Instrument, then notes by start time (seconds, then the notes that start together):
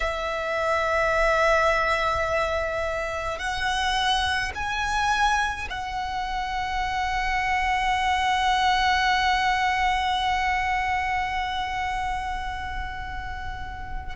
violin
0.00 E5
3.38 F#5
4.54 G#5
5.69 F#5